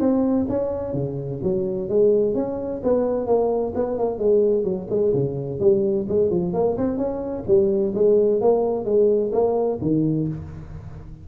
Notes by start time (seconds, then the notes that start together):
0.00 C4
0.49 C#4
0.94 C#3
1.43 F#3
1.89 G#3
2.35 C#4
2.84 B3
3.27 A#3
3.75 B3
3.99 A#3
4.19 G#3
4.64 F#3
4.90 G#3
5.14 C#3
5.60 G3
6.09 G#3
6.30 F3
6.54 A#3
6.77 C4
6.98 C#4
7.48 G3
7.95 G#3
8.41 A#3
8.85 G#3
9.32 A#3
9.82 D#3